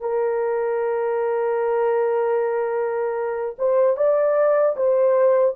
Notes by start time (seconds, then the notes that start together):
0.00 A#4
3.58 C5
3.97 D5
4.76 C5